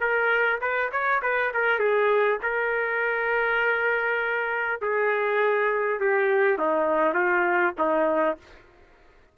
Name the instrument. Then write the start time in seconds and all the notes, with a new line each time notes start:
trumpet
0.00 A#4
0.61 B4
0.92 C#5
1.22 B4
1.54 A#4
1.78 G#4
2.42 A#4
4.81 G#4
5.99 G4
6.58 D#4
7.14 F4
7.78 D#4